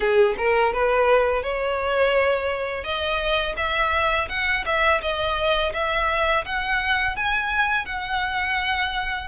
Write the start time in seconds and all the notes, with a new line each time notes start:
0.00 G#4
0.37 A#4
0.73 B4
1.43 C#5
2.83 D#5
3.56 E5
4.28 F#5
4.65 E5
5.01 D#5
5.73 E5
6.44 F#5
7.16 G#5
7.85 F#5